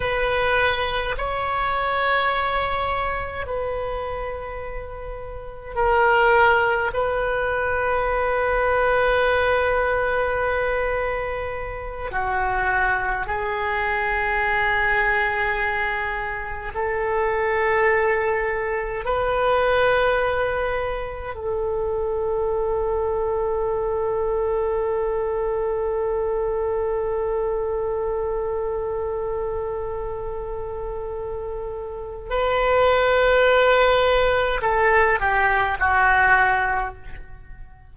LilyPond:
\new Staff \with { instrumentName = "oboe" } { \time 4/4 \tempo 4 = 52 b'4 cis''2 b'4~ | b'4 ais'4 b'2~ | b'2~ b'8 fis'4 gis'8~ | gis'2~ gis'8 a'4.~ |
a'8 b'2 a'4.~ | a'1~ | a'1 | b'2 a'8 g'8 fis'4 | }